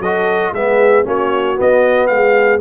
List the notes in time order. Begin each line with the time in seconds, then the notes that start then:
0.00 F#3 F#4 A4 D#5
0.53 G#3 B3 G#4 E5
1.04 A#3 C#4 F#4 C#5
1.56 B3 D#5
2.07 G#3 G#4 F5